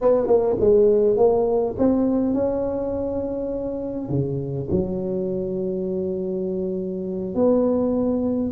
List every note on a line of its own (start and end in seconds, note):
0.01 0.26 B3
0.26 0.56 A#3
0.60 1.17 G#3
1.17 1.75 A#3
1.78 2.34 C4
2.34 4.09 C#4
4.09 4.68 C#3
4.71 7.34 F#3
7.34 8.52 B3